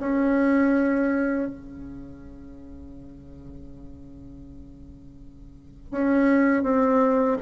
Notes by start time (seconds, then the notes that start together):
0.00 C#4
1.48 C#3
5.91 C#4
6.63 C4